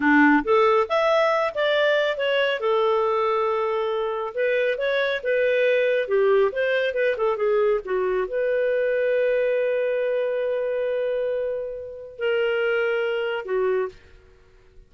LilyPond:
\new Staff \with { instrumentName = "clarinet" } { \time 4/4 \tempo 4 = 138 d'4 a'4 e''4. d''8~ | d''4 cis''4 a'2~ | a'2 b'4 cis''4 | b'2 g'4 c''4 |
b'8 a'8 gis'4 fis'4 b'4~ | b'1~ | b'1 | ais'2. fis'4 | }